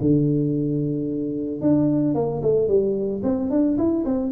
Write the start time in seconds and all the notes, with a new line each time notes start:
0.00 D3
1.61 D4
2.14 A#3
2.42 A3
2.67 G3
3.23 C4
3.50 D4
3.77 E4
4.05 C4